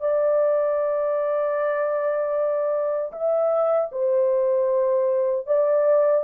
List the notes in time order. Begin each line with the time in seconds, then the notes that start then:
0.00 D5
3.12 E5
3.91 C5
5.47 D5